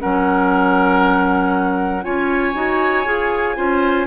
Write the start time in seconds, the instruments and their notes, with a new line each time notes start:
0.00 bassoon F#3, clarinet C#4, oboe A#4, flute F#5
2.03 bassoon C#4, clarinet F4, oboe C#5, flute G#5
2.55 bassoon D#4, clarinet F#4
3.05 bassoon F4, clarinet G#4
3.56 bassoon C#4, clarinet F4, oboe C5